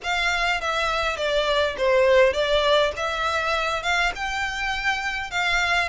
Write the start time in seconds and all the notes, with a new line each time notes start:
0.03 F5
0.60 E5
1.16 D5
1.77 C5
2.33 D5
2.96 E5
3.82 F5
4.15 G5
5.30 F5